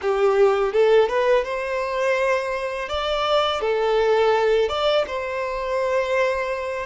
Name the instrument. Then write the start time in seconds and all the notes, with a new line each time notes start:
violin
0.01 G4
0.72 A4
1.08 B4
1.44 C5
2.88 D5
3.60 A4
4.68 D5
5.07 C5